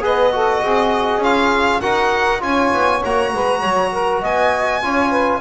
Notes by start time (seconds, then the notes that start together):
0.00 B3 G#4 B4 D#5
0.32 F#4 A4
0.62 C4 G#4
1.18 C#4 F4 F5
1.80 D#4 F#4 A#4 F#5
2.40 C#4 F4 C#5 G#5
2.73 B3
3.04 A#3 F#4 A#5
3.33 G#3 B4
3.59 F#3 C#5
3.91 A#4
4.21 B3 D#5 G#5
4.82 C#4 F4 C#5
5.09 B4